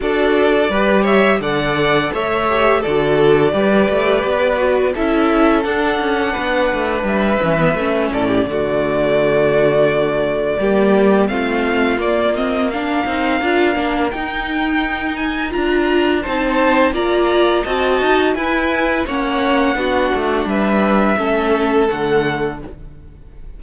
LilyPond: <<
  \new Staff \with { instrumentName = "violin" } { \time 4/4 \tempo 4 = 85 d''4. e''8 fis''4 e''4 | d''2. e''4 | fis''2 e''4. d''8~ | d''1 |
f''4 d''8 dis''8 f''2 | g''4. gis''8 ais''4 a''4 | ais''4 a''4 gis''4 fis''4~ | fis''4 e''2 fis''4 | }
  \new Staff \with { instrumentName = "violin" } { \time 4/4 a'4 b'8 cis''8 d''4 cis''4 | a'4 b'2 a'4~ | a'4 b'2~ b'8 a'16 g'16 | fis'2. g'4 |
f'2 ais'2~ | ais'2. c''4 | d''4 dis''4 b'4 cis''4 | fis'4 b'4 a'2 | }
  \new Staff \with { instrumentName = "viola" } { \time 4/4 fis'4 g'4 a'4. g'8 | fis'4 g'4. fis'8 e'4 | d'2~ d'8 cis'16 b16 cis'4 | a2. ais4 |
c'4 ais8 c'8 d'8 dis'8 f'8 d'8 | dis'2 f'4 dis'4 | f'4 fis'4 e'4 cis'4 | d'2 cis'4 a4 | }
  \new Staff \with { instrumentName = "cello" } { \time 4/4 d'4 g4 d4 a4 | d4 g8 a8 b4 cis'4 | d'8 cis'8 b8 a8 g8 e8 a8 a,8 | d2. g4 |
a4 ais4. c'8 d'8 ais8 | dis'2 d'4 c'4 | ais4 c'8 dis'8 e'4 ais4 | b8 a8 g4 a4 d4 | }
>>